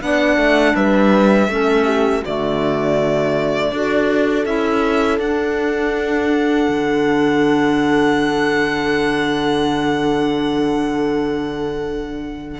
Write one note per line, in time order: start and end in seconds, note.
0.00 0.36 B3
0.00 1.48 D4
0.00 0.75 D5
0.00 0.75 F#5
0.36 0.73 A3
0.75 1.48 G3
0.75 1.49 B4
0.75 2.24 E5
1.48 2.22 A3
1.48 2.24 C#4
1.48 1.85 A4
1.85 2.21 G4
2.21 3.71 D3
2.21 3.73 A3
2.21 3.69 F#4
2.21 4.45 D5
3.71 4.45 D4
3.71 4.45 F#4
3.71 12.60 A4
4.45 5.19 C#4
4.45 5.19 E4
4.45 5.19 E5
5.19 6.67 D4
5.19 12.60 D4
5.19 12.60 F#5
6.68 12.60 D3